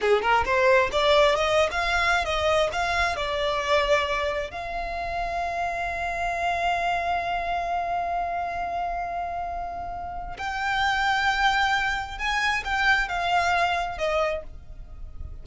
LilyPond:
\new Staff \with { instrumentName = "violin" } { \time 4/4 \tempo 4 = 133 gis'8 ais'8 c''4 d''4 dis''8. f''16~ | f''4 dis''4 f''4 d''4~ | d''2 f''2~ | f''1~ |
f''1~ | f''2. g''4~ | g''2. gis''4 | g''4 f''2 dis''4 | }